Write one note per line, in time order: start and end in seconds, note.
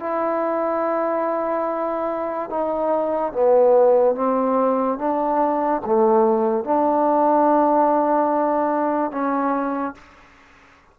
0.00 2.50 E4
2.50 3.33 D#4
3.33 4.15 B3
4.15 4.98 C4
4.98 5.81 D4
5.85 6.64 A3
6.64 9.11 D4
9.11 9.95 C#4